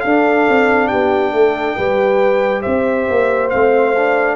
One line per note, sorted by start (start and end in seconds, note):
0.00 0.47 D4
0.00 0.88 A4
0.00 0.87 F5
0.07 1.79 D4
0.48 0.91 C4
0.87 1.32 B3
0.87 1.31 G4
0.87 2.61 G5
1.32 1.76 A3
1.32 1.76 A4
1.76 2.65 G3
1.76 3.51 G4
1.76 2.61 B4
2.61 3.09 C4
2.61 4.35 C5
2.61 3.49 E5
3.09 3.53 A#3
3.49 4.35 A3
3.49 3.95 C4
3.49 4.35 F5
3.96 4.35 D4